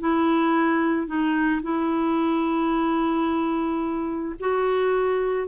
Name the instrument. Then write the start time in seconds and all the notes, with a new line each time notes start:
clarinet
0.00 E4
1.07 D#4
1.63 E4
4.40 F#4